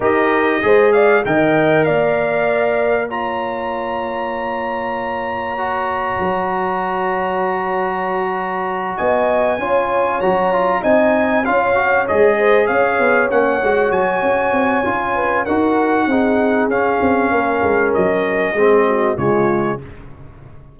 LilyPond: <<
  \new Staff \with { instrumentName = "trumpet" } { \time 4/4 \tempo 4 = 97 dis''4. f''8 g''4 f''4~ | f''4 ais''2.~ | ais''1~ | ais''2~ ais''8 gis''4.~ |
gis''8 ais''4 gis''4 f''4 dis''8~ | dis''8 f''4 fis''4 gis''4.~ | gis''4 fis''2 f''4~ | f''4 dis''2 cis''4 | }
  \new Staff \with { instrumentName = "horn" } { \time 4/4 ais'4 c''8 d''8 dis''4 d''4~ | d''4 cis''2.~ | cis''1~ | cis''2~ cis''8 dis''4 cis''8~ |
cis''4. dis''4 cis''4. | c''8 cis''2.~ cis''8~ | cis''8 b'8 ais'4 gis'2 | ais'2 gis'8 fis'8 f'4 | }
  \new Staff \with { instrumentName = "trombone" } { \time 4/4 g'4 gis'4 ais'2~ | ais'4 f'2.~ | f'4 fis'2.~ | fis'2.~ fis'8 f'8~ |
f'8 fis'8 f'8 dis'4 f'8 fis'8 gis'8~ | gis'4. cis'8 fis'2 | f'4 fis'4 dis'4 cis'4~ | cis'2 c'4 gis4 | }
  \new Staff \with { instrumentName = "tuba" } { \time 4/4 dis'4 gis4 dis4 ais4~ | ais1~ | ais2 fis2~ | fis2~ fis8 b4 cis'8~ |
cis'8 fis4 c'4 cis'4 gis8~ | gis8 cis'8 b8 ais8 gis8 fis8 cis'8 c'8 | cis'4 dis'4 c'4 cis'8 c'8 | ais8 gis8 fis4 gis4 cis4 | }
>>